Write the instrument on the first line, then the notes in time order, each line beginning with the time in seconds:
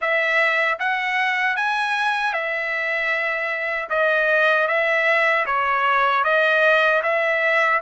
trumpet
0.01 E5
0.79 F#5
1.56 G#5
2.33 E5
3.89 D#5
4.67 E5
5.45 C#5
6.23 D#5
7.03 E5